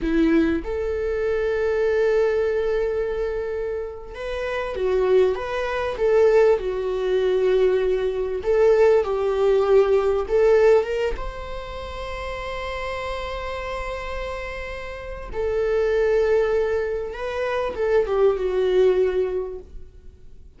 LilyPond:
\new Staff \with { instrumentName = "viola" } { \time 4/4 \tempo 4 = 98 e'4 a'2.~ | a'2~ a'8. b'4 fis'16~ | fis'8. b'4 a'4 fis'4~ fis'16~ | fis'4.~ fis'16 a'4 g'4~ g'16~ |
g'8. a'4 ais'8 c''4.~ c''16~ | c''1~ | c''4 a'2. | b'4 a'8 g'8 fis'2 | }